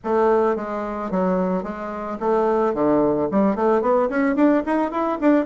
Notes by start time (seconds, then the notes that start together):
0.03 A3
0.56 G#3
1.11 F#3
1.63 G#3
2.20 A3
2.74 D3
3.31 G3
3.55 A3
3.81 B3
4.09 C#4
4.35 D4
4.65 D#4
4.91 E4
5.21 D4